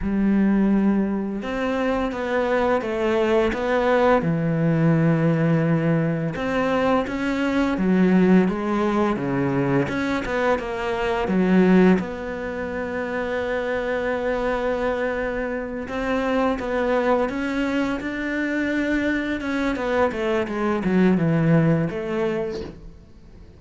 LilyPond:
\new Staff \with { instrumentName = "cello" } { \time 4/4 \tempo 4 = 85 g2 c'4 b4 | a4 b4 e2~ | e4 c'4 cis'4 fis4 | gis4 cis4 cis'8 b8 ais4 |
fis4 b2.~ | b2~ b8 c'4 b8~ | b8 cis'4 d'2 cis'8 | b8 a8 gis8 fis8 e4 a4 | }